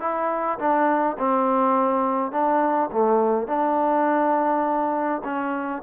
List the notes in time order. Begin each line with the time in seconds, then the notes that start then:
0.00 E4
0.59 D4
1.18 C4
2.32 D4
2.92 A3
3.47 D4
5.24 C#4